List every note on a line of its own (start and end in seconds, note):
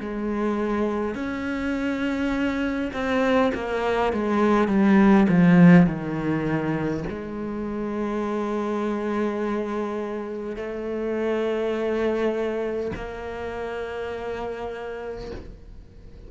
0.00 1.14 G#3
1.14 2.91 C#4
2.93 3.52 C4
3.54 4.12 A#3
4.12 4.67 G#3
4.67 5.26 G3
5.29 5.86 F3
5.86 7.04 D#3
7.09 10.56 G#3
10.56 12.91 A3
12.95 15.30 A#3